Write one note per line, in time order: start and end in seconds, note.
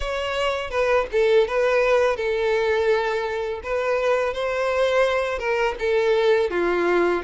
0.00 0.70 C#5
0.70 1.06 B4
1.12 1.47 A4
1.47 2.16 B4
2.16 3.60 A4
3.63 4.33 B4
4.33 5.38 C5
5.38 5.74 A#4
5.79 6.50 A4
6.50 7.23 F4